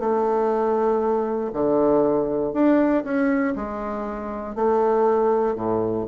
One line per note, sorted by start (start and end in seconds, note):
0.00 1.51 A3
1.54 2.53 D3
2.53 3.04 D4
3.04 3.55 C#4
3.56 4.55 G#3
4.55 5.56 A3
5.56 6.06 A2